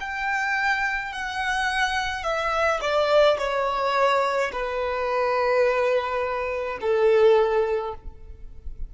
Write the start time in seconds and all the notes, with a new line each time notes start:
0.00 G5
1.13 F#5
2.23 E5
2.81 D5
3.38 C#5
4.52 B4
6.81 A4